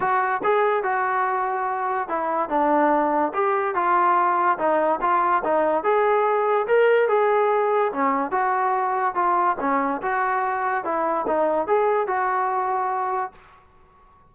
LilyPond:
\new Staff \with { instrumentName = "trombone" } { \time 4/4 \tempo 4 = 144 fis'4 gis'4 fis'2~ | fis'4 e'4 d'2 | g'4 f'2 dis'4 | f'4 dis'4 gis'2 |
ais'4 gis'2 cis'4 | fis'2 f'4 cis'4 | fis'2 e'4 dis'4 | gis'4 fis'2. | }